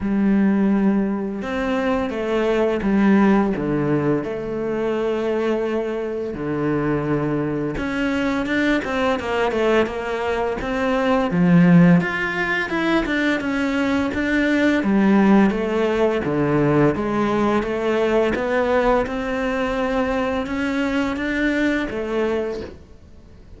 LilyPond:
\new Staff \with { instrumentName = "cello" } { \time 4/4 \tempo 4 = 85 g2 c'4 a4 | g4 d4 a2~ | a4 d2 cis'4 | d'8 c'8 ais8 a8 ais4 c'4 |
f4 f'4 e'8 d'8 cis'4 | d'4 g4 a4 d4 | gis4 a4 b4 c'4~ | c'4 cis'4 d'4 a4 | }